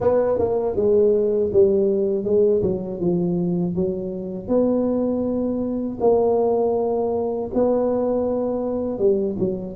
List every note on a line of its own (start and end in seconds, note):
0.00 0.38 B3
0.38 0.75 A#3
0.75 1.50 G#3
1.52 2.24 G3
2.24 2.61 G#3
2.62 3.00 F#3
3.00 3.75 F3
3.75 4.48 F#3
4.48 5.98 B3
6.00 7.50 A#3
7.54 8.98 B3
8.98 9.36 G3
9.39 9.76 F#3